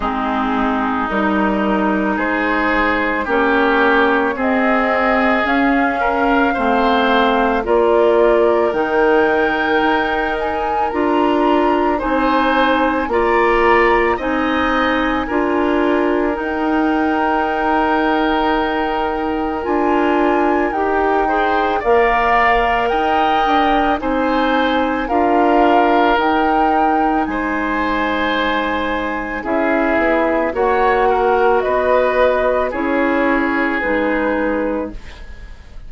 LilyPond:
<<
  \new Staff \with { instrumentName = "flute" } { \time 4/4 \tempo 4 = 55 gis'4 ais'4 c''4 cis''4 | dis''4 f''2 d''4 | g''4. gis''8 ais''4 gis''4 | ais''4 gis''2 g''4~ |
g''2 gis''4 g''4 | f''4 g''4 gis''4 f''4 | g''4 gis''2 e''4 | fis''4 dis''4 cis''4 b'4 | }
  \new Staff \with { instrumentName = "oboe" } { \time 4/4 dis'2 gis'4 g'4 | gis'4. ais'8 c''4 ais'4~ | ais'2. c''4 | d''4 dis''4 ais'2~ |
ais'2.~ ais'8 c''8 | d''4 dis''4 c''4 ais'4~ | ais'4 c''2 gis'4 | cis''8 ais'8 b'4 gis'2 | }
  \new Staff \with { instrumentName = "clarinet" } { \time 4/4 c'4 dis'2 cis'4 | c'4 cis'4 c'4 f'4 | dis'2 f'4 dis'4 | f'4 dis'4 f'4 dis'4~ |
dis'2 f'4 g'8 gis'8 | ais'2 dis'4 f'4 | dis'2. e'4 | fis'2 e'4 dis'4 | }
  \new Staff \with { instrumentName = "bassoon" } { \time 4/4 gis4 g4 gis4 ais4 | c'4 cis'4 a4 ais4 | dis4 dis'4 d'4 c'4 | ais4 c'4 d'4 dis'4~ |
dis'2 d'4 dis'4 | ais4 dis'8 d'8 c'4 d'4 | dis'4 gis2 cis'8 b8 | ais4 b4 cis'4 gis4 | }
>>